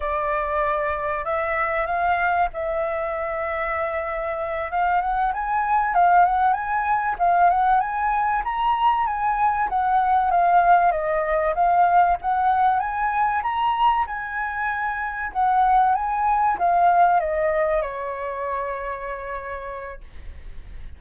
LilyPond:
\new Staff \with { instrumentName = "flute" } { \time 4/4 \tempo 4 = 96 d''2 e''4 f''4 | e''2.~ e''8 f''8 | fis''8 gis''4 f''8 fis''8 gis''4 f''8 | fis''8 gis''4 ais''4 gis''4 fis''8~ |
fis''8 f''4 dis''4 f''4 fis''8~ | fis''8 gis''4 ais''4 gis''4.~ | gis''8 fis''4 gis''4 f''4 dis''8~ | dis''8 cis''2.~ cis''8 | }